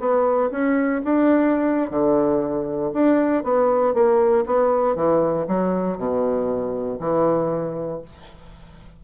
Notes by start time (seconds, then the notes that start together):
0.00 B3
0.51 C#4
1.05 D4
1.91 D3
2.94 D4
3.44 B3
3.95 A#3
4.46 B3
4.96 E3
5.48 F#3
5.98 B2
7.00 E3